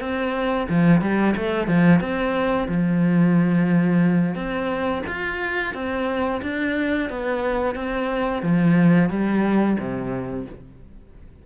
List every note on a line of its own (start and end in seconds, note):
0.00 0.67 C4
0.69 1.01 F3
1.01 1.35 G3
1.36 1.67 A3
1.67 2.00 F3
2.00 2.68 C4
2.68 4.35 F3
4.35 5.03 C4
5.07 5.74 F4
5.74 6.41 C4
6.42 7.09 D4
7.09 7.75 B3
7.75 8.42 C4
8.42 9.09 F3
9.09 9.77 G3
9.78 10.46 C3